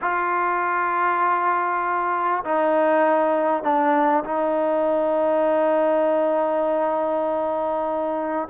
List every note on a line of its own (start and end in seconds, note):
0.01 2.44 F4
2.44 3.63 D#4
3.63 4.23 D4
4.24 8.48 D#4